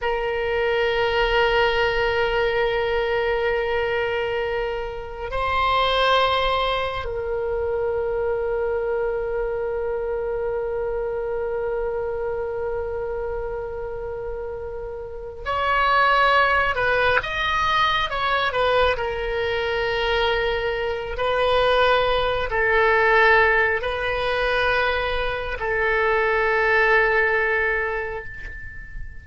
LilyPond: \new Staff \with { instrumentName = "oboe" } { \time 4/4 \tempo 4 = 68 ais'1~ | ais'2 c''2 | ais'1~ | ais'1~ |
ais'4. cis''4. b'8 dis''8~ | dis''8 cis''8 b'8 ais'2~ ais'8 | b'4. a'4. b'4~ | b'4 a'2. | }